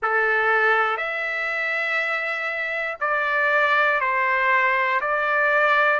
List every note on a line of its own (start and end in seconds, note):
0.02 0.97 A4
0.97 2.97 E5
3.00 4.00 D5
4.00 5.00 C5
5.00 6.00 D5